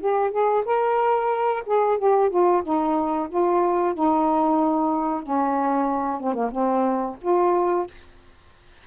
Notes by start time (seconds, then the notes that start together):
0.00 G4
0.31 G#4
0.65 A#4
1.65 G#4
1.97 G4
2.30 F4
2.63 D#4
3.29 F4
3.93 D#4
5.22 C#4
6.20 C4
6.33 A#3
6.51 C4
7.21 F4